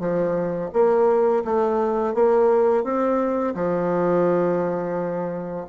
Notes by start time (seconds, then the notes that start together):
0.00 F3
0.73 A#3
1.45 A3
2.14 A#3
2.84 C4
3.55 F3